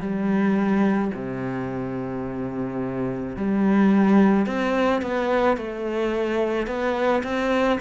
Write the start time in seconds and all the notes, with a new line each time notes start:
0.00 G3
1.14 C3
3.36 G3
4.46 C4
5.02 B3
5.57 A3
6.67 B3
7.23 C4